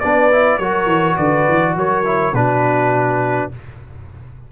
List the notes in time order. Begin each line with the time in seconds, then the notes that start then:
0.00 B3 D4 B4 D5
0.31 E4
0.58 F#3 F#4 A#4 C#5
0.85 E3
1.15 D3 B4 D5
1.48 E3
1.76 F#3 A#4 C#5
2.04 E4
2.33 B2 D4 F#4 B4